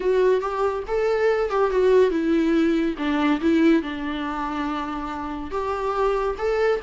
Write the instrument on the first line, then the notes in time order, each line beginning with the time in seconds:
viola
0.00 F#4
0.40 G4
0.87 A4
1.50 G4
1.70 F#4
2.10 E4
2.97 D4
3.41 E4
3.82 D4
5.50 G4
6.37 A4